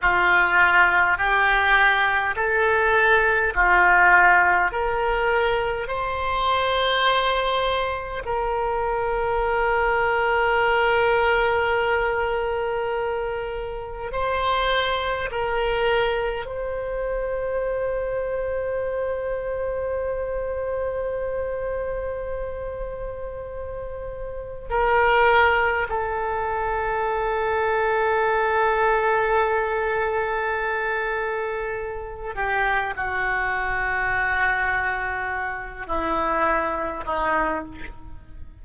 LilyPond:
\new Staff \with { instrumentName = "oboe" } { \time 4/4 \tempo 4 = 51 f'4 g'4 a'4 f'4 | ais'4 c''2 ais'4~ | ais'1 | c''4 ais'4 c''2~ |
c''1~ | c''4 ais'4 a'2~ | a'2.~ a'8 g'8 | fis'2~ fis'8 e'4 dis'8 | }